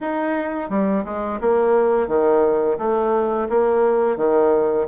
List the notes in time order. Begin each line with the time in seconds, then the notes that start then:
0.00 D#4
0.69 G3
1.05 G#3
1.40 A#3
2.07 D#3
2.78 A3
3.49 A#3
4.17 D#3